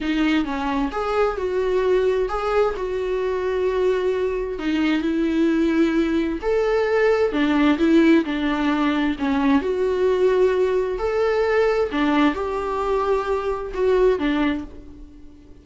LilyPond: \new Staff \with { instrumentName = "viola" } { \time 4/4 \tempo 4 = 131 dis'4 cis'4 gis'4 fis'4~ | fis'4 gis'4 fis'2~ | fis'2 dis'4 e'4~ | e'2 a'2 |
d'4 e'4 d'2 | cis'4 fis'2. | a'2 d'4 g'4~ | g'2 fis'4 d'4 | }